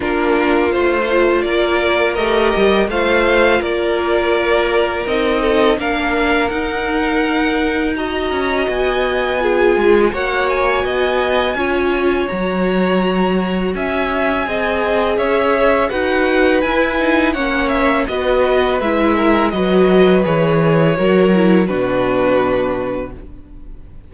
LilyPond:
<<
  \new Staff \with { instrumentName = "violin" } { \time 4/4 \tempo 4 = 83 ais'4 c''4 d''4 dis''4 | f''4 d''2 dis''4 | f''4 fis''2 ais''4 | gis''2 fis''8 gis''4.~ |
gis''4 ais''2 gis''4~ | gis''4 e''4 fis''4 gis''4 | fis''8 e''8 dis''4 e''4 dis''4 | cis''2 b'2 | }
  \new Staff \with { instrumentName = "violin" } { \time 4/4 f'2 ais'2 | c''4 ais'2~ ais'8 a'8 | ais'2. dis''4~ | dis''4 gis'4 cis''4 dis''4 |
cis''2. e''4 | dis''4 cis''4 b'2 | cis''4 b'4. ais'8 b'4~ | b'4 ais'4 fis'2 | }
  \new Staff \with { instrumentName = "viola" } { \time 4/4 d'4 f'2 g'4 | f'2. dis'4 | d'4 dis'2 fis'4~ | fis'4 f'4 fis'2 |
f'4 fis'2. | gis'2 fis'4 e'8 dis'8 | cis'4 fis'4 e'4 fis'4 | gis'4 fis'8 e'8 d'2 | }
  \new Staff \with { instrumentName = "cello" } { \time 4/4 ais4 a4 ais4 a8 g8 | a4 ais2 c'4 | ais4 dis'2~ dis'8 cis'8 | b4. gis8 ais4 b4 |
cis'4 fis2 cis'4 | c'4 cis'4 dis'4 e'4 | ais4 b4 gis4 fis4 | e4 fis4 b,2 | }
>>